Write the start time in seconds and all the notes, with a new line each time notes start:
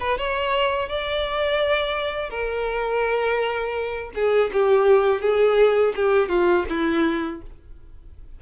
0.00 B4
0.18 C#5
0.88 D5
2.30 A#4
4.14 G#4
4.52 G4
5.21 G#4
5.95 G4
6.29 F4
6.69 E4